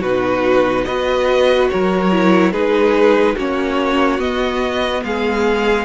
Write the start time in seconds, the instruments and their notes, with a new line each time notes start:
0.00 cello B2, viola D#4, violin F#4 B4
0.84 cello B3, viola F#4, violin B4 D#5
1.69 cello F#3, violin A#4 C#5
2.11 viola E4
2.52 cello G#3, viola D#4, violin G#4 B4
3.35 cello A#3, viola C#4, violin F#4 C#5
4.19 cello B3, viola B3, violin D#5
5.03 cello G#3, violin G#4 F5